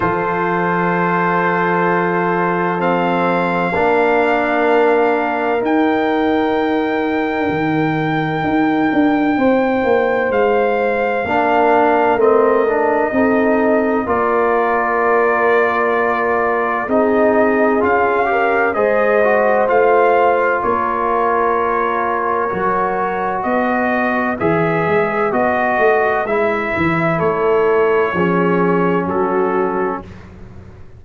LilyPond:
<<
  \new Staff \with { instrumentName = "trumpet" } { \time 4/4 \tempo 4 = 64 c''2. f''4~ | f''2 g''2~ | g''2. f''4~ | f''4 dis''2 d''4~ |
d''2 dis''4 f''4 | dis''4 f''4 cis''2~ | cis''4 dis''4 e''4 dis''4 | e''4 cis''2 a'4 | }
  \new Staff \with { instrumentName = "horn" } { \time 4/4 a'1 | ais'1~ | ais'2 c''2 | ais'2 a'4 ais'4~ |
ais'2 gis'4. ais'8 | c''2 ais'2~ | ais'4 b'2.~ | b'4 a'4 gis'4 fis'4 | }
  \new Staff \with { instrumentName = "trombone" } { \time 4/4 f'2. c'4 | d'2 dis'2~ | dis'1 | d'4 c'8 d'8 dis'4 f'4~ |
f'2 dis'4 f'8 g'8 | gis'8 fis'8 f'2. | fis'2 gis'4 fis'4 | e'2 cis'2 | }
  \new Staff \with { instrumentName = "tuba" } { \time 4/4 f1 | ais2 dis'2 | dis4 dis'8 d'8 c'8 ais8 gis4 | ais4 a4 c'4 ais4~ |
ais2 c'4 cis'4 | gis4 a4 ais2 | fis4 b4 e8 gis8 b8 a8 | gis8 e8 a4 f4 fis4 | }
>>